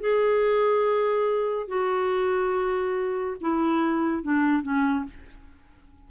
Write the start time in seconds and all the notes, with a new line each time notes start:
0.00 G#4
1.67 F#4
3.41 E4
4.23 D4
4.62 C#4